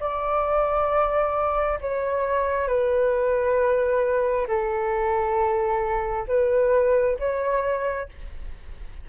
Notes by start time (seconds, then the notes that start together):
0.00 D5
1.81 C#5
2.67 B4
4.48 A4
6.28 B4
7.19 C#5